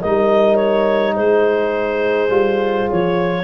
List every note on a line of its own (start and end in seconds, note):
0.00 1.18 G3
0.00 2.29 D#4
0.00 1.15 A#4
0.00 0.56 D#5
0.56 1.13 C#5
1.15 2.29 G#3
1.15 3.44 G#4
1.15 2.89 C5
2.29 2.87 G3
2.29 3.44 F4
2.90 3.44 F3
2.90 3.44 C#5